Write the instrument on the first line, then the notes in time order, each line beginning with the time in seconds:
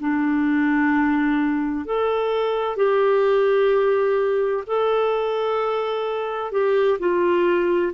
clarinet
0.00 D4
1.85 A4
2.76 G4
4.67 A4
6.52 G4
6.99 F4